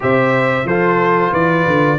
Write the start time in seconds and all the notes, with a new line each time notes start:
0.00 C3 G4 C5 E5
0.64 F3 F4 A4 C5
1.31 E3 B4 D5
1.66 D3